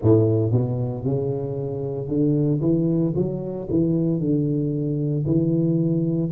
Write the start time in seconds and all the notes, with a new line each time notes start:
0.02 A2
0.51 B2
1.04 C#3
2.08 D3
2.60 E3
3.15 F#3
3.69 E3
4.20 D3
5.25 E3